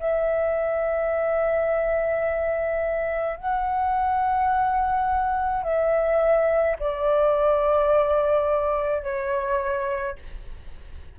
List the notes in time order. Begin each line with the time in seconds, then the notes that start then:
0.00 E5
3.37 F#5
5.63 E5
6.79 D5
9.03 C#5